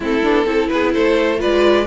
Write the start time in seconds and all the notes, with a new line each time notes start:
0.00 A3 C4 E4 A4
0.22 B3 D4
0.45 C4 E4 A4
0.68 B3 G#4 B4
0.93 A3 A4 C5
1.38 G#3 F4 B4 D5